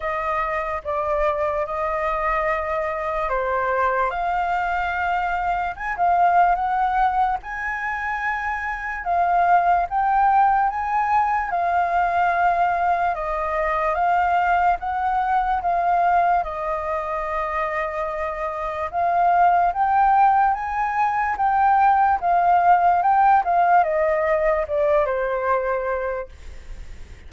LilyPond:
\new Staff \with { instrumentName = "flute" } { \time 4/4 \tempo 4 = 73 dis''4 d''4 dis''2 | c''4 f''2 gis''16 f''8. | fis''4 gis''2 f''4 | g''4 gis''4 f''2 |
dis''4 f''4 fis''4 f''4 | dis''2. f''4 | g''4 gis''4 g''4 f''4 | g''8 f''8 dis''4 d''8 c''4. | }